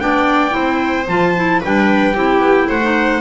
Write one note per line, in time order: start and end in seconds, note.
0.00 0.55 B3
0.00 0.50 D4
0.00 0.55 D5
0.00 1.07 G5
0.50 1.08 C4
0.50 1.04 E4
0.50 1.61 C5
1.08 1.62 F3
1.08 1.35 F4
1.08 1.62 A5
1.36 1.63 E4
1.61 2.15 G3
1.61 2.15 D4
1.61 2.14 B4
1.61 2.70 G5
2.14 2.40 C4
2.14 2.82 E4
2.14 2.68 G4
2.40 2.67 B3
2.68 3.21 A3
2.68 3.21 C5
2.68 3.21 F#5
2.82 3.21 D#4